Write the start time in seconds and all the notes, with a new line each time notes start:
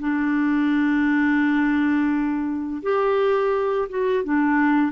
0.00 D4
2.83 G4
3.90 F#4
4.24 D4